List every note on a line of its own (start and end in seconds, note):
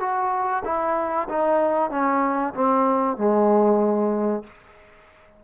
0.00 0.63 F#4
0.65 1.28 E4
1.29 1.90 D#4
1.90 2.53 C#4
2.54 3.17 C4
3.17 4.44 G#3